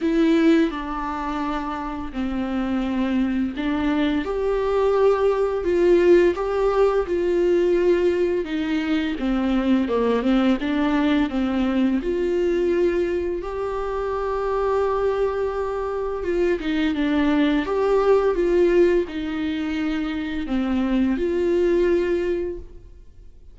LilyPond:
\new Staff \with { instrumentName = "viola" } { \time 4/4 \tempo 4 = 85 e'4 d'2 c'4~ | c'4 d'4 g'2 | f'4 g'4 f'2 | dis'4 c'4 ais8 c'8 d'4 |
c'4 f'2 g'4~ | g'2. f'8 dis'8 | d'4 g'4 f'4 dis'4~ | dis'4 c'4 f'2 | }